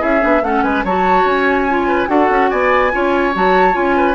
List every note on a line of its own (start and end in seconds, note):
0.00 0.24 C#4
0.00 0.21 E4
0.00 0.42 G#4
0.00 0.44 E5
0.21 0.42 B3
0.21 0.42 D4
0.42 0.63 A3
0.42 0.86 C#4
0.42 0.64 A4
0.42 0.63 F#5
0.63 0.84 G#3
0.63 0.85 B4
0.63 0.84 G#5
0.84 1.25 F#3
0.84 1.69 F#4
0.84 1.88 C#5
0.84 1.28 A5
1.25 2.08 C#4
1.25 2.09 G#5
1.69 2.07 F4
1.88 2.09 B4
2.07 2.29 D4
2.07 2.91 F#4
2.07 2.51 A4
2.07 2.51 F#5
2.30 2.51 C#4
2.51 2.93 B3
2.51 2.92 D5
2.51 3.34 G#5
2.92 3.35 C#4
2.92 3.34 F4
2.92 3.97 C#5
3.34 3.76 F#3
3.34 3.73 F#4
3.34 3.76 A5
3.73 4.15 C#4
3.73 4.14 F4
3.73 4.15 G#5
3.97 4.15 B4